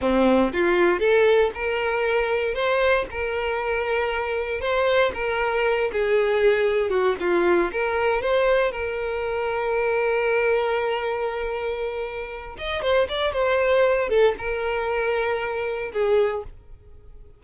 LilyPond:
\new Staff \with { instrumentName = "violin" } { \time 4/4 \tempo 4 = 117 c'4 f'4 a'4 ais'4~ | ais'4 c''4 ais'2~ | ais'4 c''4 ais'4. gis'8~ | gis'4. fis'8 f'4 ais'4 |
c''4 ais'2.~ | ais'1~ | ais'8 dis''8 c''8 d''8 c''4. a'8 | ais'2. gis'4 | }